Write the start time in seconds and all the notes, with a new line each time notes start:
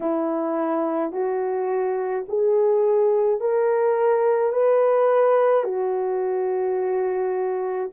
0.00 E4
1.12 F#4
2.28 G#4
3.40 A#4
4.52 B4
5.63 F#4